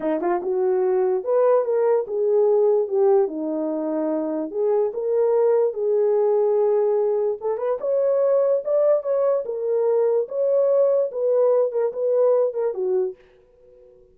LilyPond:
\new Staff \with { instrumentName = "horn" } { \time 4/4 \tempo 4 = 146 dis'8 f'8 fis'2 b'4 | ais'4 gis'2 g'4 | dis'2. gis'4 | ais'2 gis'2~ |
gis'2 a'8 b'8 cis''4~ | cis''4 d''4 cis''4 ais'4~ | ais'4 cis''2 b'4~ | b'8 ais'8 b'4. ais'8 fis'4 | }